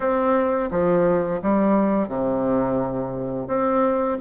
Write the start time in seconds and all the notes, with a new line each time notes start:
0.00 C4
0.70 F3
1.42 G3
2.08 C3
3.47 C4